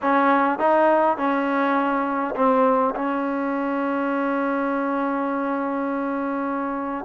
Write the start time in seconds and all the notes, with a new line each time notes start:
0.02 C#4
0.58 D#4
1.17 C#4
2.35 C4
2.95 C#4